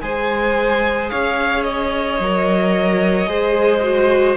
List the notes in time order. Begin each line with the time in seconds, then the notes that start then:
0.00 G#3 G#4 C5 G#5
1.10 C#4 C#5 F5
1.63 D#5
2.20 F#3 A#4
3.27 G#3 G#4 C5
3.83 F#4